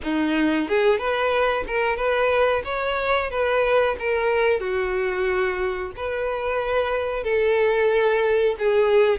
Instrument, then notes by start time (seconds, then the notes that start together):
violin
0.03 D#4
0.68 G#4
0.98 B4
1.67 A#4
1.96 B4
2.64 C#5
3.30 B4
3.99 A#4
4.59 F#4
5.96 B4
7.23 A4
8.58 G#4